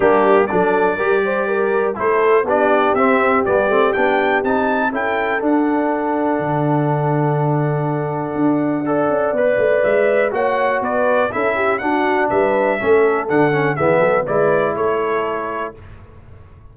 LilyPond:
<<
  \new Staff \with { instrumentName = "trumpet" } { \time 4/4 \tempo 4 = 122 g'4 d''2. | c''4 d''4 e''4 d''4 | g''4 a''4 g''4 fis''4~ | fis''1~ |
fis''1 | e''4 fis''4 d''4 e''4 | fis''4 e''2 fis''4 | e''4 d''4 cis''2 | }
  \new Staff \with { instrumentName = "horn" } { \time 4/4 d'4 a'4 ais'8 c''8 ais'4 | a'4 g'2.~ | g'2 a'2~ | a'1~ |
a'2 d''2~ | d''4 cis''4 b'4 a'8 g'8 | fis'4 b'4 a'2 | gis'8 a'8 b'4 a'2 | }
  \new Staff \with { instrumentName = "trombone" } { \time 4/4 ais4 d'4 g'2 | e'4 d'4 c'4 b8 c'8 | d'4 dis'4 e'4 d'4~ | d'1~ |
d'2 a'4 b'4~ | b'4 fis'2 e'4 | d'2 cis'4 d'8 cis'8 | b4 e'2. | }
  \new Staff \with { instrumentName = "tuba" } { \time 4/4 g4 fis4 g2 | a4 b4 c'4 g8 a8 | b4 c'4 cis'4 d'4~ | d'4 d2.~ |
d4 d'4. cis'8 b8 a8 | gis4 ais4 b4 cis'4 | d'4 g4 a4 d4 | e8 fis8 gis4 a2 | }
>>